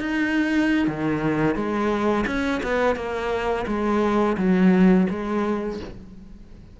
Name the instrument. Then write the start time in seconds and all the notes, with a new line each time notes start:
cello
0.00 D#4
0.87 D#3
1.55 G#3
2.26 C#4
2.63 B3
2.95 A#3
3.67 G#3
4.37 F#3
5.10 G#3